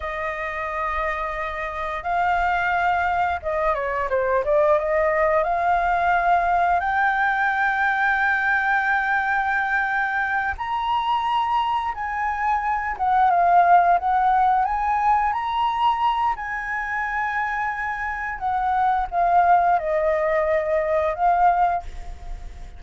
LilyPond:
\new Staff \with { instrumentName = "flute" } { \time 4/4 \tempo 4 = 88 dis''2. f''4~ | f''4 dis''8 cis''8 c''8 d''8 dis''4 | f''2 g''2~ | g''2.~ g''8 ais''8~ |
ais''4. gis''4. fis''8 f''8~ | f''8 fis''4 gis''4 ais''4. | gis''2. fis''4 | f''4 dis''2 f''4 | }